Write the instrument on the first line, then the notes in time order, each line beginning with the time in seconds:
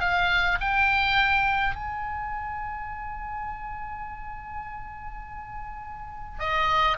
oboe
0.00 F5
0.60 G5
1.75 G#5
6.39 D#5